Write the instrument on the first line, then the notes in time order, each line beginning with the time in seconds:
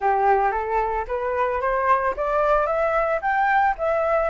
flute
0.00 G4
0.51 A4
1.07 B4
1.61 C5
2.16 D5
2.66 E5
3.21 G5
3.78 E5